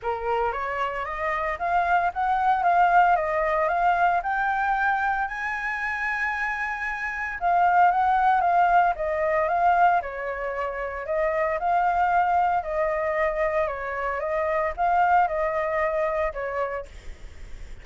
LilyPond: \new Staff \with { instrumentName = "flute" } { \time 4/4 \tempo 4 = 114 ais'4 cis''4 dis''4 f''4 | fis''4 f''4 dis''4 f''4 | g''2 gis''2~ | gis''2 f''4 fis''4 |
f''4 dis''4 f''4 cis''4~ | cis''4 dis''4 f''2 | dis''2 cis''4 dis''4 | f''4 dis''2 cis''4 | }